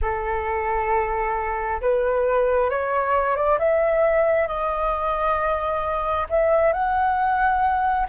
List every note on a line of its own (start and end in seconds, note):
0.01 1.80 A4
1.81 2.69 B4
2.69 3.36 C#5
3.36 3.58 D5
3.59 4.47 E5
4.47 6.26 D#5
6.29 6.72 E5
6.72 8.07 F#5